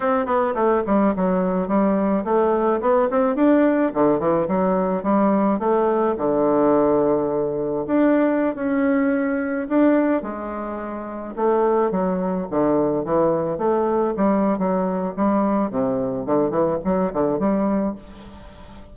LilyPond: \new Staff \with { instrumentName = "bassoon" } { \time 4/4 \tempo 4 = 107 c'8 b8 a8 g8 fis4 g4 | a4 b8 c'8 d'4 d8 e8 | fis4 g4 a4 d4~ | d2 d'4~ d'16 cis'8.~ |
cis'4~ cis'16 d'4 gis4.~ gis16~ | gis16 a4 fis4 d4 e8.~ | e16 a4 g8. fis4 g4 | c4 d8 e8 fis8 d8 g4 | }